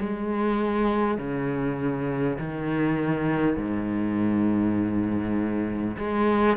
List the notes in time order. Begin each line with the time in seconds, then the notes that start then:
0.00 G#3
1.17 C#3
2.38 D#3
3.56 G#2
5.97 G#3